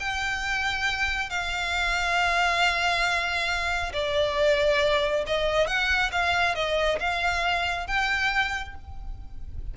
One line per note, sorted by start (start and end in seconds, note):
0.00 1.30 G5
1.30 3.92 F5
3.93 5.25 D5
5.27 5.67 D#5
5.67 6.11 F#5
6.12 6.55 F5
6.55 6.99 D#5
7.00 7.87 F5
7.87 8.75 G5